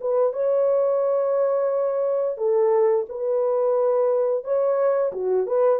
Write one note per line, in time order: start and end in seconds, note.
0.00 0.33 B4
0.33 2.37 C#5
2.37 3.05 A4
3.08 4.44 B4
4.44 5.12 C#5
5.12 5.46 F#4
5.46 5.79 B4